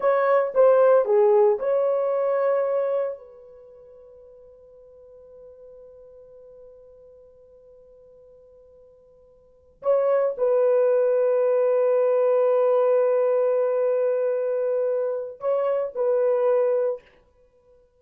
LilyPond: \new Staff \with { instrumentName = "horn" } { \time 4/4 \tempo 4 = 113 cis''4 c''4 gis'4 cis''4~ | cis''2 b'2~ | b'1~ | b'1~ |
b'2~ b'8 cis''4 b'8~ | b'1~ | b'1~ | b'4 cis''4 b'2 | }